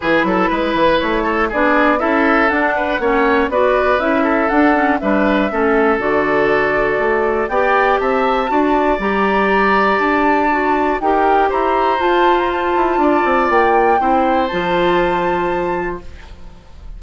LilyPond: <<
  \new Staff \with { instrumentName = "flute" } { \time 4/4 \tempo 4 = 120 b'2 cis''4 d''4 | e''4 fis''2 d''4 | e''4 fis''4 e''2 | d''2. g''4 |
a''2 ais''2 | a''2 g''4 ais''4 | a''8. ais''16 a''2 g''4~ | g''4 a''2. | }
  \new Staff \with { instrumentName = "oboe" } { \time 4/4 gis'8 a'8 b'4. a'8 gis'4 | a'4. b'8 cis''4 b'4~ | b'8 a'4. b'4 a'4~ | a'2. d''4 |
e''4 d''2.~ | d''2 ais'4 c''4~ | c''2 d''2 | c''1 | }
  \new Staff \with { instrumentName = "clarinet" } { \time 4/4 e'2. d'4 | e'4 d'4 cis'4 fis'4 | e'4 d'8 cis'8 d'4 cis'4 | fis'2. g'4~ |
g'4 fis'4 g'2~ | g'4 fis'4 g'2 | f'1 | e'4 f'2. | }
  \new Staff \with { instrumentName = "bassoon" } { \time 4/4 e8 fis8 gis8 e8 a4 b4 | cis'4 d'4 ais4 b4 | cis'4 d'4 g4 a4 | d2 a4 b4 |
c'4 d'4 g2 | d'2 dis'4 e'4 | f'4. e'8 d'8 c'8 ais4 | c'4 f2. | }
>>